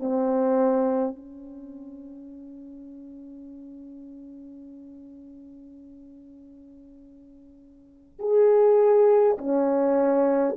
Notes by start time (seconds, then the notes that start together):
0.00 C4
1.16 C#4
8.20 G#4
9.39 C#4